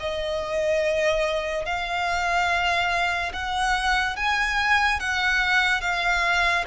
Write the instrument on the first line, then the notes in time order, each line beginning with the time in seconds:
violin
0.00 D#5
1.66 F5
3.33 F#5
4.16 G#5
5.00 F#5
5.81 F5